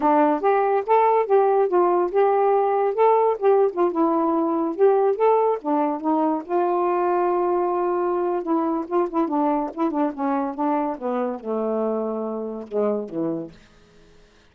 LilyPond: \new Staff \with { instrumentName = "saxophone" } { \time 4/4 \tempo 4 = 142 d'4 g'4 a'4 g'4 | f'4 g'2 a'4 | g'8. f'8 e'2 g'8.~ | g'16 a'4 d'4 dis'4 f'8.~ |
f'1 | e'4 f'8 e'8 d'4 e'8 d'8 | cis'4 d'4 b4 a4~ | a2 gis4 e4 | }